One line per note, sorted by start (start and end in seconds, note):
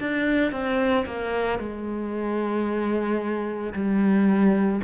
0.00 0.52 D4
0.52 1.05 C4
1.06 1.59 A#3
1.59 3.73 G#3
3.74 4.81 G3